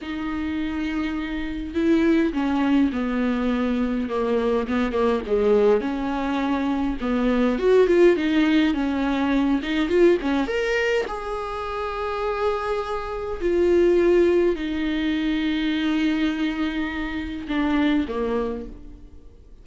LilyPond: \new Staff \with { instrumentName = "viola" } { \time 4/4 \tempo 4 = 103 dis'2. e'4 | cis'4 b2 ais4 | b8 ais8 gis4 cis'2 | b4 fis'8 f'8 dis'4 cis'4~ |
cis'8 dis'8 f'8 cis'8 ais'4 gis'4~ | gis'2. f'4~ | f'4 dis'2.~ | dis'2 d'4 ais4 | }